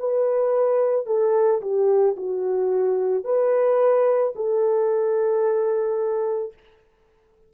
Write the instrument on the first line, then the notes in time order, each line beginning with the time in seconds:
horn
0.00 B4
1.07 A4
1.62 G4
2.17 F#4
3.25 B4
4.35 A4